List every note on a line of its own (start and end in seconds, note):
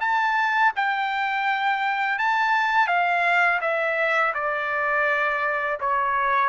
0.00 0.72 A5
0.76 2.19 G5
2.19 2.87 A5
2.87 3.59 F5
3.61 4.33 E5
4.34 5.79 D5
5.80 6.49 C#5